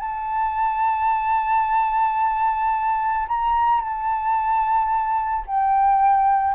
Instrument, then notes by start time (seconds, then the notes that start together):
flute
0.00 A5
3.28 A#5
3.81 A5
5.47 G5